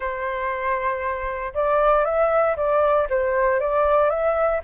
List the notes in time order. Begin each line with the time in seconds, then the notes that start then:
0.00 C5
1.53 D5
2.04 E5
2.56 D5
3.09 C5
3.59 D5
4.09 E5